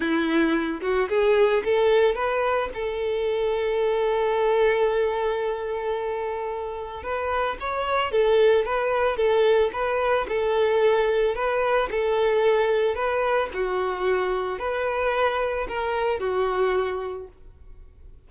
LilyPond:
\new Staff \with { instrumentName = "violin" } { \time 4/4 \tempo 4 = 111 e'4. fis'8 gis'4 a'4 | b'4 a'2.~ | a'1~ | a'4 b'4 cis''4 a'4 |
b'4 a'4 b'4 a'4~ | a'4 b'4 a'2 | b'4 fis'2 b'4~ | b'4 ais'4 fis'2 | }